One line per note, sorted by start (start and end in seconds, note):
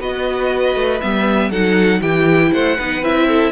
0.00 0.75 B3
0.00 1.01 F#4
0.00 1.50 B4
0.00 1.01 D#5
0.75 1.01 A3
1.01 1.50 G3
1.01 1.52 B3
1.01 1.51 E5
1.50 2.01 F#3
1.50 2.02 D#4
1.50 2.00 A4
1.50 2.02 F#5
2.02 2.52 E3
2.02 2.79 E4
2.02 2.52 G4
2.02 2.52 G5
2.52 2.78 A3
2.52 2.77 C5
2.52 3.04 F#5
2.77 3.02 B3
2.77 3.03 D#4
2.77 3.27 B4
3.02 3.52 C4
3.02 3.52 E4
3.02 3.52 E5
3.28 3.52 A4